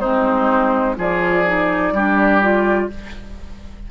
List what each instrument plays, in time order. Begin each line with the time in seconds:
0.00 bassoon G#3, clarinet C4, oboe D#4, flute C5
0.96 bassoon F3, clarinet F4, oboe G#4, flute D5
1.46 clarinet D#4
1.92 bassoon G3, clarinet D4, oboe G4
2.42 clarinet F4